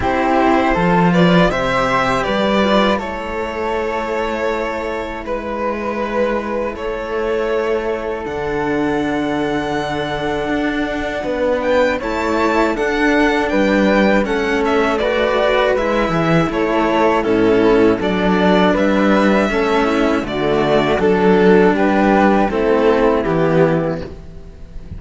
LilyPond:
<<
  \new Staff \with { instrumentName = "violin" } { \time 4/4 \tempo 4 = 80 c''4. d''8 e''4 d''4 | cis''2. b'4~ | b'4 cis''2 fis''4~ | fis''2.~ fis''8 g''8 |
a''4 fis''4 g''4 fis''8 e''8 | d''4 e''4 cis''4 a'4 | d''4 e''2 d''4 | a'4 b'4 a'4 g'4 | }
  \new Staff \with { instrumentName = "flute" } { \time 4/4 g'4 a'8 b'8 c''4 b'4 | a'2. b'4~ | b'4 a'2.~ | a'2. b'4 |
cis''4 a'4 b'4 a'4 | b'4. gis'8 a'4 e'4 | a'4 b'4 a'8 e'8 fis'4 | a'4 g'4 e'2 | }
  \new Staff \with { instrumentName = "cello" } { \time 4/4 e'4 f'4 g'4. f'8 | e'1~ | e'2. d'4~ | d'1 |
e'4 d'2 cis'4 | fis'4 e'2 cis'4 | d'2 cis'4 a4 | d'2 c'4 b4 | }
  \new Staff \with { instrumentName = "cello" } { \time 4/4 c'4 f4 c4 g4 | a2. gis4~ | gis4 a2 d4~ | d2 d'4 b4 |
a4 d'4 g4 a4~ | a4 gis8 e8 a4 a,4 | fis4 g4 a4 d4 | fis4 g4 a4 e4 | }
>>